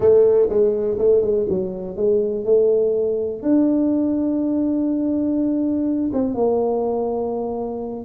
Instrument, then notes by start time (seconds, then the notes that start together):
tuba
0.00 A3
0.49 G#3
0.98 A3
1.21 G#3
1.49 F#3
1.96 G#3
2.44 A3
3.42 D4
6.13 C4
6.34 A#3